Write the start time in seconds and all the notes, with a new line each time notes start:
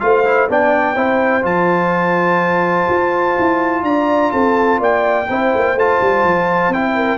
0.00 A3 F4 C5 F5
0.25 E4
0.49 B3 D4 D5 G5
0.96 C4 E4 C5
1.43 F3 F4 A5
2.90 F4
3.39 E4
3.83 D4 D5 A#5
4.32 C4 A4 A5
4.80 A#3 D5 G5
5.29 C4 E4 C5
5.54 A#3
5.75 A3 F4 A5
6.02 G3
6.24 F3
6.69 C4 E4 G5
6.96 A#4